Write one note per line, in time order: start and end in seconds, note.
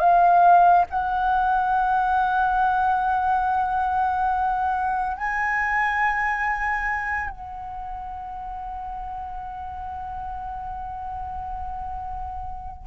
0.00 0.86 F5
0.90 5.17 F#5
5.17 7.30 G#5
7.30 12.87 F#5